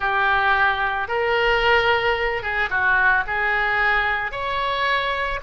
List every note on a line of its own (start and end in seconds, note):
0.00 1.08 G4
1.08 2.42 A#4
2.42 2.69 G#4
2.70 3.24 F#4
3.26 4.31 G#4
4.31 5.39 C#5